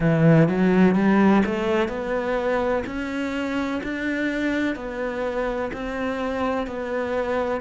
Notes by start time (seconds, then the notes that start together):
0.00 E3
0.48 F#3
0.95 G3
1.45 A3
1.88 B3
2.86 C#4
3.83 D4
4.75 B3
5.73 C4
6.66 B3